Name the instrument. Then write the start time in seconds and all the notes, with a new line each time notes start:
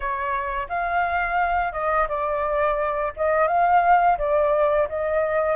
flute
0.00 C#5
0.68 F5
1.72 D#5
2.08 D5
3.16 D#5
3.47 F5
4.18 D5
4.88 D#5